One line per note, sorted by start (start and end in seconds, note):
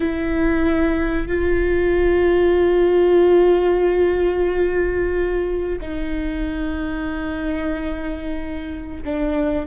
0.00 1.27 E4
1.27 5.79 F4
5.80 9.03 D#4
9.04 9.66 D4